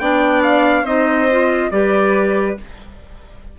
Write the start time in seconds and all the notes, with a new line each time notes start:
0.00 B3 D4 D5 G5
0.43 F5
0.83 C4 D#4 C5 D#5
1.31 F4
1.71 G3 G4 B4 D5